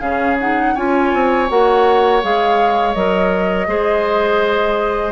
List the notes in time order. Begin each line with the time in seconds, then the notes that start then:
0.00 C#3 C#4 G#4 F5
0.40 D#4 F#5
0.74 C#4 F4 C#5 G#5
1.13 C4
1.48 A#3 F#4 F#5
2.22 G#3 G#4 F5
2.94 F#3 A#4 D#5
3.67 G#3 G#4 C5